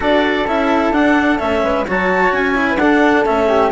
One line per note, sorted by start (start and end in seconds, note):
0.00 0.47 D4
0.00 0.45 F#4
0.00 1.61 A4
0.00 0.48 D5
0.47 0.91 C#4
0.47 0.93 E4
0.47 0.93 E5
0.91 1.37 D4
0.91 1.39 D4
0.91 1.38 F#5
1.38 1.62 A3
1.38 1.85 C#4
1.38 1.85 E5
1.62 1.85 G#3
1.62 1.86 B4
1.87 2.32 F#3
1.87 2.54 F#4
1.87 2.68 C#5
1.87 2.33 A5
2.32 2.75 C#4
2.32 2.77 G#5
2.54 2.78 E4
2.69 2.81 B4
2.75 3.22 D4
2.75 3.25 D4
2.75 3.48 A4
2.75 3.24 F#5
3.25 3.71 A3
3.25 3.71 C#4
3.25 3.71 E5
3.48 3.71 G4